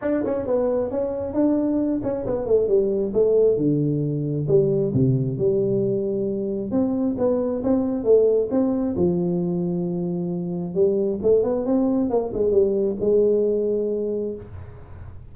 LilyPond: \new Staff \with { instrumentName = "tuba" } { \time 4/4 \tempo 4 = 134 d'8 cis'8 b4 cis'4 d'4~ | d'8 cis'8 b8 a8 g4 a4 | d2 g4 c4 | g2. c'4 |
b4 c'4 a4 c'4 | f1 | g4 a8 b8 c'4 ais8 gis8 | g4 gis2. | }